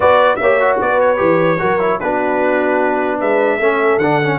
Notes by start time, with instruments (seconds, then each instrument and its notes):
0.00 tuba B3, trombone F#4, horn B4, trumpet D5
0.36 tuba A#3, horn C#5, trumpet E5
0.42 trombone G4
0.59 trombone F#4
0.80 tuba B3, horn B4, trumpet D5
1.00 trumpet C#5
1.17 tuba E3, trombone G4
1.59 tuba F#3, trombone F#4, horn A#4
1.79 trombone E4
2.00 tuba B3, trombone D4, horn F#4, trumpet B4
3.18 tuba G#3, horn B4, trumpet E5
3.59 tuba A3, trombone C#4, horn A4
3.97 tuba D3, trombone D4, trumpet F#5
4.22 trombone C#4